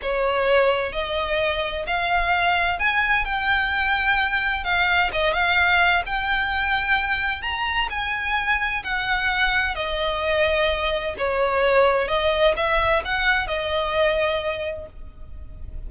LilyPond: \new Staff \with { instrumentName = "violin" } { \time 4/4 \tempo 4 = 129 cis''2 dis''2 | f''2 gis''4 g''4~ | g''2 f''4 dis''8 f''8~ | f''4 g''2. |
ais''4 gis''2 fis''4~ | fis''4 dis''2. | cis''2 dis''4 e''4 | fis''4 dis''2. | }